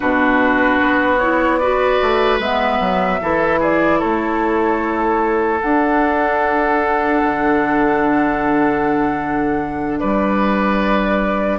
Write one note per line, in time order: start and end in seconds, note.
0.00 0.81 B2
0.00 1.18 D4
0.00 1.59 F#4
0.00 1.18 B4
0.81 2.01 B3
1.18 1.61 E4
1.18 1.58 C#5
1.58 2.41 F#4
1.58 3.19 B4
1.58 2.38 D5
2.02 2.39 A3
2.39 2.79 G#3
2.39 3.20 B3
2.39 3.60 E5
2.80 3.20 F#3
3.20 4.02 E3
3.20 5.60 E4
3.20 3.59 A4
3.59 3.99 G#4
3.59 4.00 D5
3.99 5.62 A3
3.99 9.99 A4
3.99 5.60 C#5
5.60 11.59 D4
5.60 7.22 D4
5.60 9.99 F#5
7.23 10.02 D3
9.99 11.59 G3
9.99 11.59 B4
9.99 11.59 D5